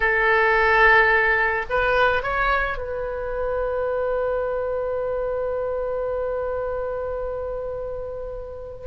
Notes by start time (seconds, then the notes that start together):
0.00 A4
1.69 B4
2.22 C#5
2.77 B4